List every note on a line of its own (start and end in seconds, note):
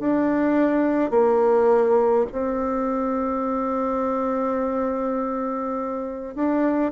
0.00 1.11 D4
1.11 2.26 A#3
2.32 6.35 C4
6.35 6.92 D4